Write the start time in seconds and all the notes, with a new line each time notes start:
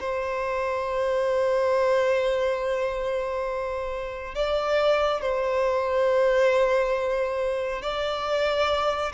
0.00 C5
4.35 D5
5.21 C5
7.81 D5